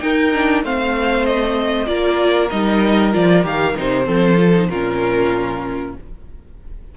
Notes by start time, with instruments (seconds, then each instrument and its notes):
0.00 viola D#4, cello D#4, violin A#4 G5
0.34 viola D4
0.63 cello A3, viola C4, violin C5 F5
1.26 violin D#5
1.87 cello A#3, viola F4, violin A#4 D5
2.50 cello G3, viola D#4, violin D#5
3.13 cello F3, viola F4, violin D5
3.43 cello D#3, viola G4, violin F5
3.76 cello C3, viola D#4, violin C5
4.05 cello F3, viola C4, violin A4
4.37 viola F4
4.55 viola D#4
4.70 cello A#2, viola C#4, violin F4 A#4